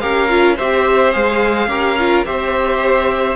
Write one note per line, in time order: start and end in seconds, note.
0.00 0.60 C#4
0.00 0.29 G4
0.00 0.56 A#4
0.00 0.56 F5
0.29 0.57 F4
0.56 1.15 C4
0.56 1.12 G4
0.56 1.68 C5
0.56 1.13 E5
1.12 1.68 G#3
1.12 1.69 G#4
1.12 2.25 F5
1.68 2.24 C#4
1.68 1.97 G4
1.68 2.26 A#4
1.99 2.26 F4
2.26 3.36 C4
2.26 3.36 G4
2.26 3.36 C5
2.26 3.36 E5